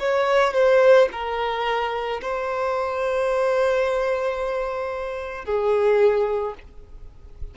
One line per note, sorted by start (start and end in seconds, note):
0.00 0.54 C#5
0.54 1.09 C5
1.12 2.21 A#4
2.22 5.45 C5
5.45 6.55 G#4